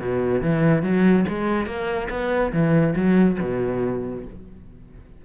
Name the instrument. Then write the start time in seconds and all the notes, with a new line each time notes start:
cello
0.00 B2
0.41 E3
0.82 F#3
1.28 G#3
1.66 A#3
2.10 B3
2.52 E3
2.95 F#3
3.40 B2